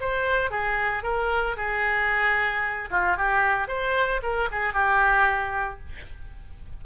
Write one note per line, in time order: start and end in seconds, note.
0.00 0.50 C5
0.50 1.03 G#4
1.03 1.56 A#4
1.56 2.89 G#4
2.91 3.17 F4
3.17 3.68 G4
3.68 4.21 C5
4.22 4.49 A#4
4.51 4.73 G#4
4.73 5.79 G4